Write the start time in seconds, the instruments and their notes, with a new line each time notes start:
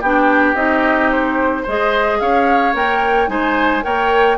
0.00 bassoon B3, clarinet D4, oboe G4, flute G5
0.54 bassoon C4, clarinet D#4, flute D#5
1.11 flute C5
1.62 bassoon G#3, clarinet G#4, oboe C5, flute D#5
2.20 bassoon C#4, oboe C#5, flute F5
2.73 bassoon A#3, clarinet A#4, flute G5
3.28 bassoon G#3, clarinet D#4, oboe C5, flute G#5
3.83 bassoon A#3, clarinet A#4, oboe C#5, flute G5